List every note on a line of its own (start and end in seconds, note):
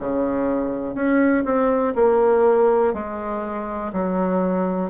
0.00 0.95 C#3
0.95 1.44 C#4
1.45 1.94 C4
1.95 2.94 A#3
2.94 3.93 G#3
3.93 4.90 F#3